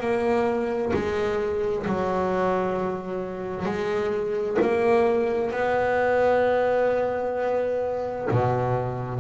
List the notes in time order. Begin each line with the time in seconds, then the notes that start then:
0.00 A#3
0.94 G#3
1.86 F#3
3.65 G#3
4.62 A#3
5.51 B3
8.31 B2